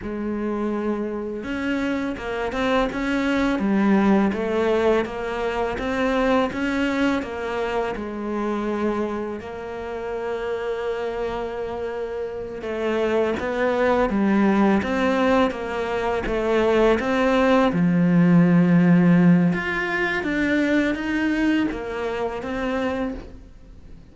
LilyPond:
\new Staff \with { instrumentName = "cello" } { \time 4/4 \tempo 4 = 83 gis2 cis'4 ais8 c'8 | cis'4 g4 a4 ais4 | c'4 cis'4 ais4 gis4~ | gis4 ais2.~ |
ais4. a4 b4 g8~ | g8 c'4 ais4 a4 c'8~ | c'8 f2~ f8 f'4 | d'4 dis'4 ais4 c'4 | }